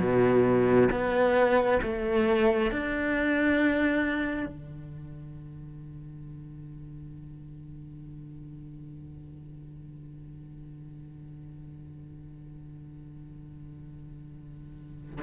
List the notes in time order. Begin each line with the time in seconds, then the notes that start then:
0.00 B2
0.92 B3
1.83 A3
2.72 D4
4.47 D3